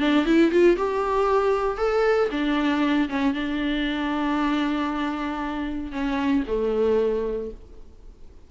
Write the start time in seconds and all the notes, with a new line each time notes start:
0.00 D4
0.26 E4
0.52 F4
0.77 G4
1.78 A4
2.31 D4
3.10 C#4
3.34 D4
5.92 C#4
6.48 A3